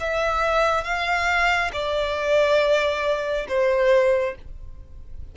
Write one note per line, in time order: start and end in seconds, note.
0.00 0.84 E5
0.84 1.71 F5
1.73 3.47 D5
3.49 4.36 C5